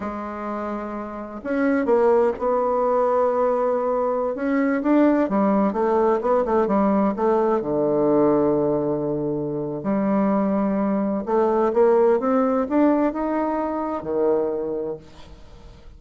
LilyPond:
\new Staff \with { instrumentName = "bassoon" } { \time 4/4 \tempo 4 = 128 gis2. cis'4 | ais4 b2.~ | b4~ b16 cis'4 d'4 g8.~ | g16 a4 b8 a8 g4 a8.~ |
a16 d2.~ d8.~ | d4 g2. | a4 ais4 c'4 d'4 | dis'2 dis2 | }